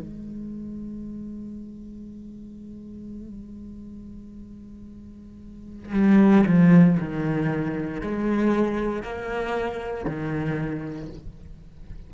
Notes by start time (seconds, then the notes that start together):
0.00 G#3
5.93 G3
6.47 F3
7.00 D#3
8.01 G#3
9.03 A#3
10.05 D#3